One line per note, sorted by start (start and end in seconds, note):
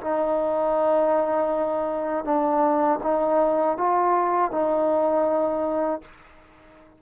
0.00 2.24 D#4
2.24 2.99 D4
3.03 3.77 D#4
3.77 4.51 F4
4.51 6.01 D#4